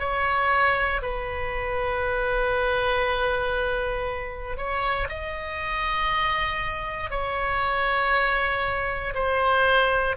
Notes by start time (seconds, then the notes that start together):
0.00 C#5
1.02 B4
4.58 C#5
5.09 D#5
7.10 C#5
9.15 C5